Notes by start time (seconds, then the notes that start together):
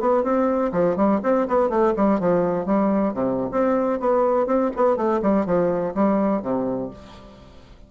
0.00 B3
0.23 C4
0.72 F3
0.96 G3
1.23 C4
1.48 B3
1.69 A3
1.96 G3
2.19 F3
2.65 G3
3.13 C3
3.51 C4
3.99 B3
4.46 C4
4.76 B3
4.96 A3
5.22 G3
5.45 F3
5.94 G3
6.42 C3